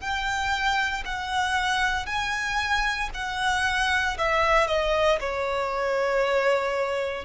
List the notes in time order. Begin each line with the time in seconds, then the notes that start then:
0.00 G5
1.05 F#5
2.06 G#5
3.14 F#5
4.18 E5
4.67 D#5
5.20 C#5